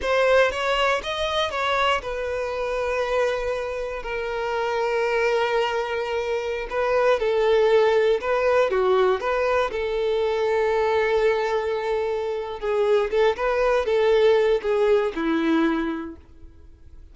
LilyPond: \new Staff \with { instrumentName = "violin" } { \time 4/4 \tempo 4 = 119 c''4 cis''4 dis''4 cis''4 | b'1 | ais'1~ | ais'4~ ais'16 b'4 a'4.~ a'16~ |
a'16 b'4 fis'4 b'4 a'8.~ | a'1~ | a'4 gis'4 a'8 b'4 a'8~ | a'4 gis'4 e'2 | }